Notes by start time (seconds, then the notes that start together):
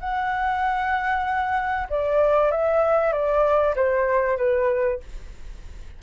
0.00 F#5
1.90 D5
2.51 E5
3.12 D5
3.76 C5
4.38 B4